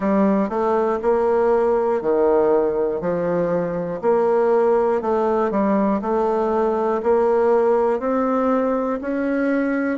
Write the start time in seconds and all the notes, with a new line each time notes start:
0.00 G3
0.49 A3
1.02 A#3
2.01 D#3
3.00 F3
4.01 A#3
5.01 A3
5.50 G3
6.01 A3
7.03 A#3
8.00 C4
9.01 C#4